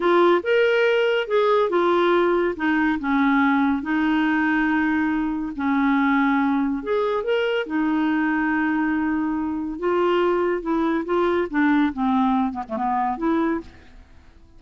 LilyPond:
\new Staff \with { instrumentName = "clarinet" } { \time 4/4 \tempo 4 = 141 f'4 ais'2 gis'4 | f'2 dis'4 cis'4~ | cis'4 dis'2.~ | dis'4 cis'2. |
gis'4 ais'4 dis'2~ | dis'2. f'4~ | f'4 e'4 f'4 d'4 | c'4. b16 a16 b4 e'4 | }